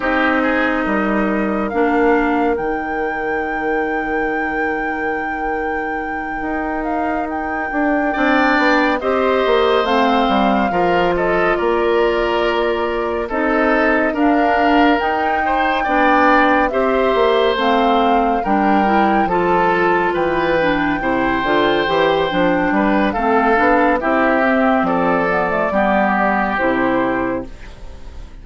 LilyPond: <<
  \new Staff \with { instrumentName = "flute" } { \time 4/4 \tempo 4 = 70 dis''2 f''4 g''4~ | g''1 | f''8 g''2 dis''4 f''8~ | f''4 dis''8 d''2 dis''8~ |
dis''8 f''4 g''2 e''8~ | e''8 f''4 g''4 a''4 g''8~ | g''2. f''4 | e''4 d''2 c''4 | }
  \new Staff \with { instrumentName = "oboe" } { \time 4/4 g'8 gis'8 ais'2.~ | ais'1~ | ais'4. d''4 c''4.~ | c''8 ais'8 a'8 ais'2 a'8~ |
a'8 ais'4. c''8 d''4 c''8~ | c''4. ais'4 a'4 b'8~ | b'8 c''2 b'8 a'4 | g'4 a'4 g'2 | }
  \new Staff \with { instrumentName = "clarinet" } { \time 4/4 dis'2 d'4 dis'4~ | dis'1~ | dis'4. d'4 g'4 c'8~ | c'8 f'2. dis'8~ |
dis'8 d'4 dis'4 d'4 g'8~ | g'8 c'4 d'8 e'8 f'4. | d'8 e'8 f'8 g'8 d'4 c'8 d'8 | e'8 c'4 b16 a16 b4 e'4 | }
  \new Staff \with { instrumentName = "bassoon" } { \time 4/4 c'4 g4 ais4 dis4~ | dis2.~ dis8 dis'8~ | dis'4 d'8 c'8 b8 c'8 ais8 a8 | g8 f4 ais2 c'8~ |
c'8 d'4 dis'4 b4 c'8 | ais8 a4 g4 f4 e8~ | e8 c8 d8 e8 f8 g8 a8 b8 | c'4 f4 g4 c4 | }
>>